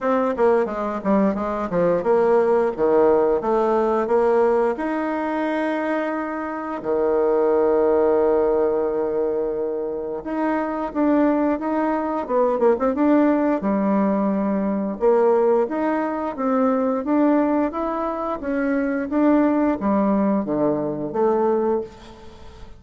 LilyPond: \new Staff \with { instrumentName = "bassoon" } { \time 4/4 \tempo 4 = 88 c'8 ais8 gis8 g8 gis8 f8 ais4 | dis4 a4 ais4 dis'4~ | dis'2 dis2~ | dis2. dis'4 |
d'4 dis'4 b8 ais16 c'16 d'4 | g2 ais4 dis'4 | c'4 d'4 e'4 cis'4 | d'4 g4 d4 a4 | }